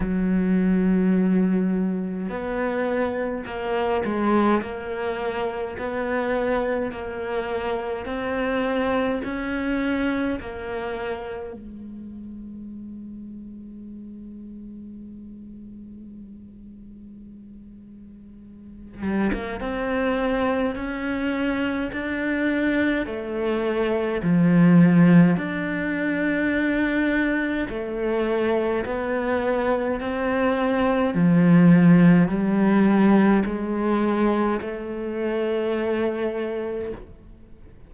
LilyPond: \new Staff \with { instrumentName = "cello" } { \time 4/4 \tempo 4 = 52 fis2 b4 ais8 gis8 | ais4 b4 ais4 c'4 | cis'4 ais4 gis2~ | gis1~ |
gis8 g16 ais16 c'4 cis'4 d'4 | a4 f4 d'2 | a4 b4 c'4 f4 | g4 gis4 a2 | }